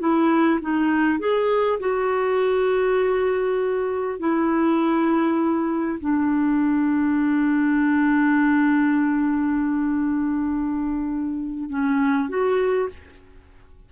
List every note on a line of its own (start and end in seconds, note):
0.00 0.60 E4
0.62 1.20 D#4
1.20 1.80 G#4
1.80 4.19 F#4
4.19 5.99 E4
6.01 11.70 D4
11.70 12.29 C#4
12.29 12.89 F#4